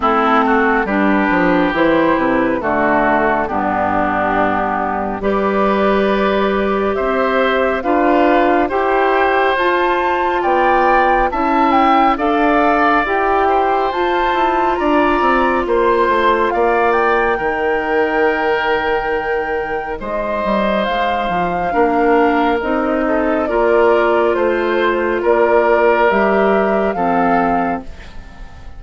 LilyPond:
<<
  \new Staff \with { instrumentName = "flute" } { \time 4/4 \tempo 4 = 69 a'4 b'4 c''8 b'8 a'4 | g'2 d''2 | e''4 f''4 g''4 a''4 | g''4 a''8 g''8 f''4 g''4 |
a''4 ais''4 c'''4 f''8 g''8~ | g''2. dis''4 | f''2 dis''4 d''4 | c''4 d''4 e''4 f''4 | }
  \new Staff \with { instrumentName = "oboe" } { \time 4/4 e'8 fis'8 g'2 fis'4 | d'2 b'2 | c''4 b'4 c''2 | d''4 e''4 d''4. c''8~ |
c''4 d''4 c''4 d''4 | ais'2. c''4~ | c''4 ais'4. a'8 ais'4 | c''4 ais'2 a'4 | }
  \new Staff \with { instrumentName = "clarinet" } { \time 4/4 c'4 d'4 e'4 a4 | b2 g'2~ | g'4 f'4 g'4 f'4~ | f'4 e'4 a'4 g'4 |
f'1 | dis'1~ | dis'4 d'4 dis'4 f'4~ | f'2 g'4 c'4 | }
  \new Staff \with { instrumentName = "bassoon" } { \time 4/4 a4 g8 f8 e8 c8 d4 | g,2 g2 | c'4 d'4 e'4 f'4 | b4 cis'4 d'4 e'4 |
f'8 e'8 d'8 c'8 ais8 a8 ais4 | dis2. gis8 g8 | gis8 f8 ais4 c'4 ais4 | a4 ais4 g4 f4 | }
>>